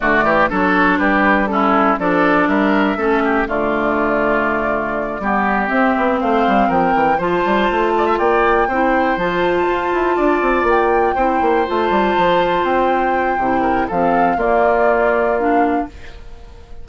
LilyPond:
<<
  \new Staff \with { instrumentName = "flute" } { \time 4/4 \tempo 4 = 121 d''4 cis''4 b'4 a'4 | d''4 e''2 d''4~ | d''2.~ d''8 e''8~ | e''8 f''4 g''4 a''4.~ |
a''8 g''2 a''4.~ | a''4. g''2 a''8~ | a''4. g''2~ g''8 | f''4 d''2 f''4 | }
  \new Staff \with { instrumentName = "oboe" } { \time 4/4 fis'8 g'8 a'4 g'4 e'4 | a'4 ais'4 a'8 g'8 f'4~ | f'2~ f'8 g'4.~ | g'8 c''4 ais'4 c''4. |
d''16 e''16 d''4 c''2~ c''8~ | c''8 d''2 c''4.~ | c''2.~ c''8 ais'8 | a'4 f'2. | }
  \new Staff \with { instrumentName = "clarinet" } { \time 4/4 a4 d'2 cis'4 | d'2 cis'4 a4~ | a2~ a8 b4 c'8~ | c'2~ c'8 f'4.~ |
f'4. e'4 f'4.~ | f'2~ f'8 e'4 f'8~ | f'2. e'4 | c'4 ais2 d'4 | }
  \new Staff \with { instrumentName = "bassoon" } { \time 4/4 d8 e8 fis4 g2 | f4 g4 a4 d4~ | d2~ d8 g4 c'8 | b8 a8 g8 f8 e8 f8 g8 a8~ |
a8 ais4 c'4 f4 f'8 | e'8 d'8 c'8 ais4 c'8 ais8 a8 | g8 f4 c'4. c4 | f4 ais2. | }
>>